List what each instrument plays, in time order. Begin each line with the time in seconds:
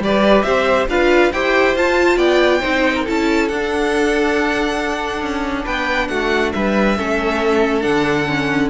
0.00 cello G3, viola G4, violin B4 D5
0.43 cello C4, violin C5 E5
0.88 cello D4, viola F4, violin B4 F5
1.33 cello E4, viola G4, violin C5 G5
1.76 cello F4, viola F4, violin A5
2.17 cello B3, violin D5 G5
2.60 cello C4, viola D#4, violin C5
2.95 violin A#4
3.04 cello C#4, viola E4, violin A4 A5
3.49 cello D4, viola D4, violin F#5
5.22 cello C#4
5.64 cello B3, violin B4 G5
6.08 cello A3, violin F#4 F#5
6.53 cello G3, violin B4 E5
6.98 cello A3, viola C#4, violin A4
7.81 cello D3, viola D4, violin F#5
8.28 viola C#4